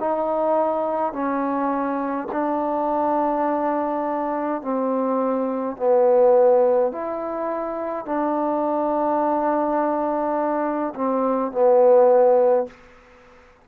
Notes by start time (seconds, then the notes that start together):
0.00 D#4
1.12 C#4
2.32 D4
4.62 C4
5.76 B3
6.92 E4
8.05 D4
10.95 C4
11.52 B3